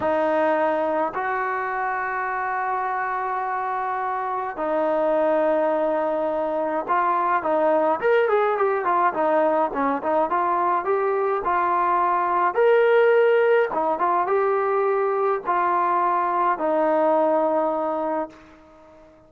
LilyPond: \new Staff \with { instrumentName = "trombone" } { \time 4/4 \tempo 4 = 105 dis'2 fis'2~ | fis'1 | dis'1 | f'4 dis'4 ais'8 gis'8 g'8 f'8 |
dis'4 cis'8 dis'8 f'4 g'4 | f'2 ais'2 | dis'8 f'8 g'2 f'4~ | f'4 dis'2. | }